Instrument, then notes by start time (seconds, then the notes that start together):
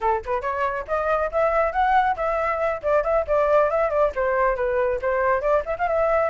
flute
0.01 A4
0.25 B4
0.41 C#5
0.87 D#5
1.31 E5
1.72 F#5
2.16 E5
2.82 D5
3.03 E5
3.27 D5
3.70 E5
3.90 D5
4.15 C5
4.56 B4
5.01 C5
5.41 D5
5.65 E5
5.78 F5
5.88 E5